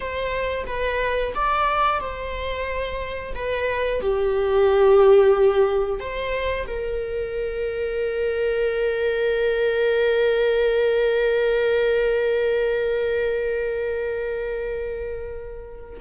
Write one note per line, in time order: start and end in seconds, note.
0.00 0.64 C5
0.66 1.33 B4
1.34 2.00 D5
2.00 3.33 C5
3.35 4.01 B4
4.01 5.99 G4
5.99 6.66 C5
6.67 16.00 A#4